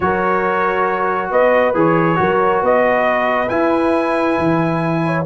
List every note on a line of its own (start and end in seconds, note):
0.00 1.30 F#3
0.00 1.74 F#4
0.00 1.30 A#4
0.00 1.31 C#5
1.30 1.74 B3
1.30 2.18 B4
1.30 1.75 D#5
1.74 2.18 E3
1.74 2.15 G#4
1.74 2.64 C#5
2.15 2.62 F#3
2.15 3.47 F#4
2.15 2.63 A#4
2.62 3.49 B3
2.62 5.03 B4
2.62 3.48 D#5
3.48 5.25 E4
3.48 4.37 E4
3.48 5.24 G#5
4.38 5.25 E3
5.05 5.25 C#5